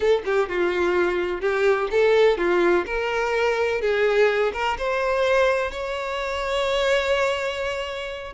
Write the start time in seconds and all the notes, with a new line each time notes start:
0.00 A4
0.25 G4
0.48 F4
1.40 G4
1.90 A4
2.37 F4
2.85 A#4
3.81 G#4
4.53 A#4
4.78 C5
5.71 C#5